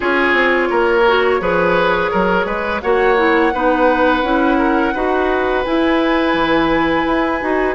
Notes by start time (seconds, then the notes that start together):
0.00 C#4 F4 G#4 C#5
0.33 C4
0.70 A#3 A#4
1.07 F#4
1.39 F3 G#4 B4
2.11 F#3 A#4
2.45 G#3 B4
2.81 A#3 F#4 C#5 F#5
3.16 E4
3.53 B3 D#4 B4
4.22 C#4 E4
4.58 A#4
4.94 D#4 F#4 B4
5.64 E4 G#5
6.33 E3
7.06 E4
7.41 D#4 F#4